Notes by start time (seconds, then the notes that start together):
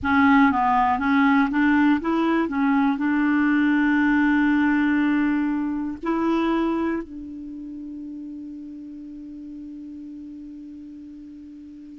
0.03 C#4
0.51 B3
0.98 C#4
1.50 D4
2.00 E4
2.48 C#4
2.97 D4
6.02 E4
7.03 D4